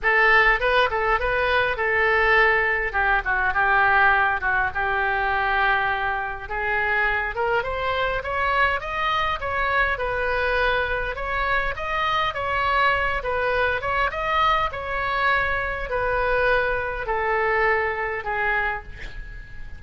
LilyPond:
\new Staff \with { instrumentName = "oboe" } { \time 4/4 \tempo 4 = 102 a'4 b'8 a'8 b'4 a'4~ | a'4 g'8 fis'8 g'4. fis'8 | g'2. gis'4~ | gis'8 ais'8 c''4 cis''4 dis''4 |
cis''4 b'2 cis''4 | dis''4 cis''4. b'4 cis''8 | dis''4 cis''2 b'4~ | b'4 a'2 gis'4 | }